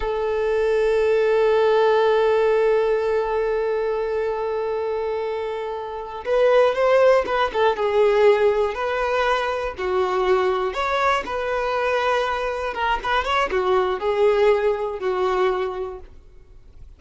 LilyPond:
\new Staff \with { instrumentName = "violin" } { \time 4/4 \tempo 4 = 120 a'1~ | a'1~ | a'1~ | a'8 b'4 c''4 b'8 a'8 gis'8~ |
gis'4. b'2 fis'8~ | fis'4. cis''4 b'4.~ | b'4. ais'8 b'8 cis''8 fis'4 | gis'2 fis'2 | }